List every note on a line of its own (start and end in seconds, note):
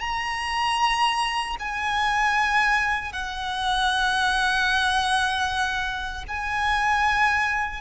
0.00 1.56 A#5
1.59 3.12 G#5
3.12 6.24 F#5
6.28 7.81 G#5